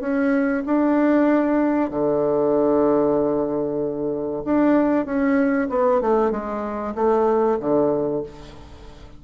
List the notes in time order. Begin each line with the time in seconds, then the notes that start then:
0.00 C#4
0.66 D4
1.90 D3
4.44 D4
5.05 C#4
5.69 B3
6.01 A3
6.31 G#3
6.95 A3
7.60 D3